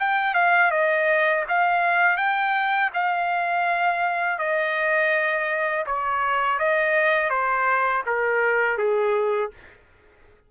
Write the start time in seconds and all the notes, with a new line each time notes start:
0.00 G5
0.34 F5
0.71 D#5
1.48 F5
2.17 G5
2.94 F5
4.39 D#5
5.86 C#5
6.59 D#5
7.30 C5
8.06 A#4
8.78 G#4